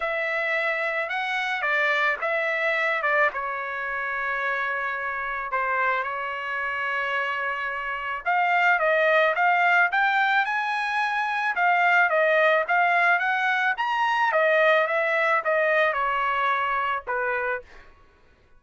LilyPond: \new Staff \with { instrumentName = "trumpet" } { \time 4/4 \tempo 4 = 109 e''2 fis''4 d''4 | e''4. d''8 cis''2~ | cis''2 c''4 cis''4~ | cis''2. f''4 |
dis''4 f''4 g''4 gis''4~ | gis''4 f''4 dis''4 f''4 | fis''4 ais''4 dis''4 e''4 | dis''4 cis''2 b'4 | }